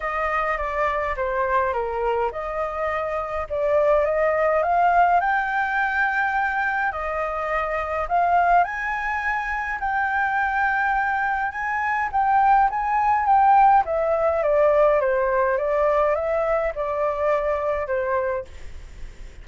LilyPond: \new Staff \with { instrumentName = "flute" } { \time 4/4 \tempo 4 = 104 dis''4 d''4 c''4 ais'4 | dis''2 d''4 dis''4 | f''4 g''2. | dis''2 f''4 gis''4~ |
gis''4 g''2. | gis''4 g''4 gis''4 g''4 | e''4 d''4 c''4 d''4 | e''4 d''2 c''4 | }